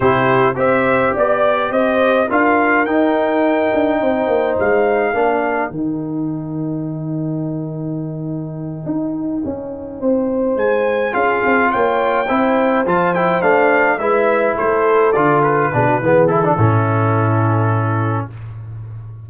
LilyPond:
<<
  \new Staff \with { instrumentName = "trumpet" } { \time 4/4 \tempo 4 = 105 c''4 e''4 d''4 dis''4 | f''4 g''2. | f''2 g''2~ | g''1~ |
g''2~ g''8 gis''4 f''8~ | f''8 g''2 a''8 g''8 f''8~ | f''8 e''4 c''4 d''8 b'4~ | b'8 a'2.~ a'8 | }
  \new Staff \with { instrumentName = "horn" } { \time 4/4 g'4 c''4 d''4 c''4 | ais'2. c''4~ | c''4 ais'2.~ | ais'1~ |
ais'4. c''2 gis'8~ | gis'8 cis''4 c''2~ c''8~ | c''8 b'4 a'2 gis'16 fis'16 | gis'4 e'2. | }
  \new Staff \with { instrumentName = "trombone" } { \time 4/4 e'4 g'2. | f'4 dis'2.~ | dis'4 d'4 dis'2~ | dis'1~ |
dis'2.~ dis'8 f'8~ | f'4. e'4 f'8 e'8 d'8~ | d'8 e'2 f'4 d'8 | b8 e'16 d'16 cis'2. | }
  \new Staff \with { instrumentName = "tuba" } { \time 4/4 c4 c'4 b4 c'4 | d'4 dis'4. d'8 c'8 ais8 | gis4 ais4 dis2~ | dis2.~ dis8 dis'8~ |
dis'8 cis'4 c'4 gis4 cis'8 | c'8 ais4 c'4 f4 a8~ | a8 gis4 a4 d4 b,8 | e4 a,2. | }
>>